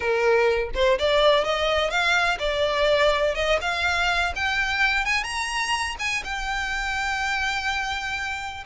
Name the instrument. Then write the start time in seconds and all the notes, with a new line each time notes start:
violin
0.00 A#4
0.74 C5
0.98 D5
1.44 D#5
1.90 F5
2.39 D5
3.34 D#5
3.61 F5
4.35 G5
5.05 G#5
5.23 A#5
5.99 G#5
6.24 G5